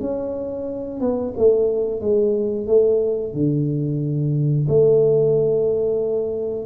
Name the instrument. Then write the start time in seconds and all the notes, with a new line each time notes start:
tuba
0.00 C#4
1.00 B3
1.37 A3
2.01 G#3
2.67 A3
3.34 D3
4.68 A3